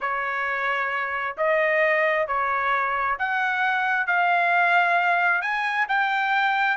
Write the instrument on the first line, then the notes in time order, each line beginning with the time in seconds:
trumpet
0.00 C#5
1.37 D#5
2.27 C#5
3.18 F#5
4.06 F5
5.41 G#5
5.88 G5